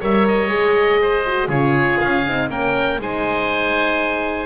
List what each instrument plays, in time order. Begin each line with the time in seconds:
0.00 double bass G3, horn A#4, oboe C#5 E5
0.27 oboe D#5
0.48 double bass G#3, horn G#4
1.01 oboe C5
1.26 horn F#4
1.48 double bass C#3, horn F4, oboe G#4 C#5
1.99 double bass C#4, oboe F5
2.26 double bass C4, horn D#4
2.49 double bass A#3, horn C#4, oboe A#4 G5
2.98 double bass G#3, horn D#4, oboe C5 G#5